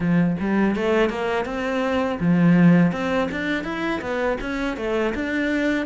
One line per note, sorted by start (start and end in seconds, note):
0.00 0.36 F3
0.40 0.75 G3
0.75 1.09 A3
1.09 1.45 A#3
1.45 2.18 C4
2.20 2.92 F3
2.92 3.28 C4
3.31 3.64 D4
3.64 4.00 E4
4.01 4.37 B3
4.41 4.77 C#4
4.77 5.13 A3
5.15 5.86 D4